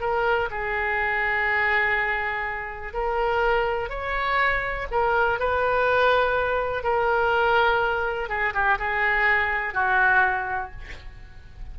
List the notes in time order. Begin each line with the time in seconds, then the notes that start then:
0.00 A#4
0.51 G#4
2.94 A#4
3.89 C#5
4.91 A#4
5.39 B4
6.83 A#4
8.29 G#4
8.54 G4
8.78 G#4
9.74 F#4